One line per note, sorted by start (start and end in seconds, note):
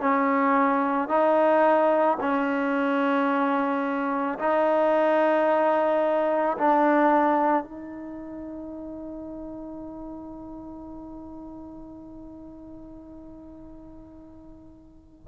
0.00 1.09 C#4
1.09 2.18 D#4
2.20 4.38 C#4
4.39 6.57 D#4
6.58 7.64 D4
7.64 15.27 D#4